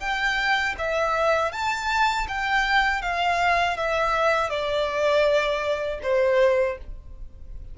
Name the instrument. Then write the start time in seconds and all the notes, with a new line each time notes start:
violin
0.00 G5
0.78 E5
1.52 A5
2.28 G5
3.02 F5
3.77 E5
4.50 D5
6.03 C5